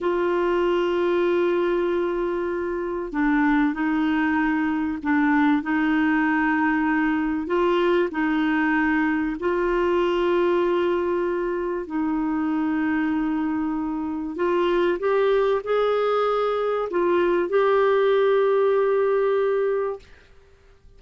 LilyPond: \new Staff \with { instrumentName = "clarinet" } { \time 4/4 \tempo 4 = 96 f'1~ | f'4 d'4 dis'2 | d'4 dis'2. | f'4 dis'2 f'4~ |
f'2. dis'4~ | dis'2. f'4 | g'4 gis'2 f'4 | g'1 | }